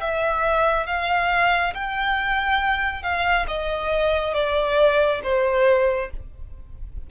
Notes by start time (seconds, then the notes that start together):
0.00 E5
0.86 F5
1.74 G5
3.02 F5
3.47 D#5
4.34 D5
5.23 C5